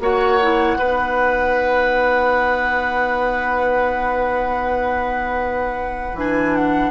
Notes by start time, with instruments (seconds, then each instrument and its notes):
0.00 bassoon A#3, clarinet F#4, oboe C#5, flute F#5
0.42 clarinet E4
0.79 bassoon B3, clarinet D#4, oboe B4
6.13 bassoon E3, clarinet D4, flute G#5
6.56 flute F#5